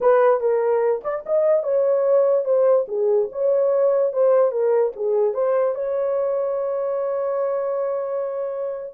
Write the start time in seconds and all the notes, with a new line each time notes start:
0.01 B4
0.40 A#4
1.03 D5
1.26 D#5
1.63 C#5
2.45 C5
2.87 G#4
3.32 C#5
4.12 C5
4.51 A#4
4.95 G#4
5.34 C5
5.74 C#5